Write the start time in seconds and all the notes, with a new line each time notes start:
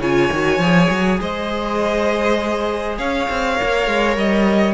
0.00 C#3 F4 C#5 G#5
0.32 D#3 F#4
0.59 F3 G#4
0.90 F#3
1.21 G#3 C5 D#5
2.98 C#4 C#5 F5
3.30 C4
3.56 A#4
3.63 A#3
3.87 G#3
4.17 G3 D#5